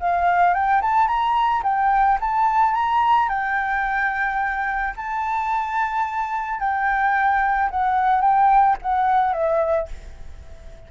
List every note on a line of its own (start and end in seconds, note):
0.00 0.54 F5
0.54 0.82 G5
0.82 1.08 A5
1.08 1.63 A#5
1.64 2.19 G5
2.20 2.74 A5
2.74 3.29 A#5
3.29 4.94 G5
4.96 6.60 A5
6.60 7.70 G5
7.70 8.21 F#5
8.21 8.76 G5
8.82 9.33 F#5
9.33 9.88 E5